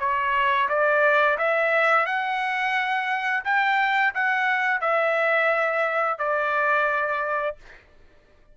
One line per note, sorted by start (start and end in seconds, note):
0.00 0.69 C#5
0.69 1.38 D5
1.39 2.06 E5
2.06 3.44 F#5
3.45 4.14 G5
4.15 4.81 F#5
4.81 6.19 E5
6.19 7.57 D5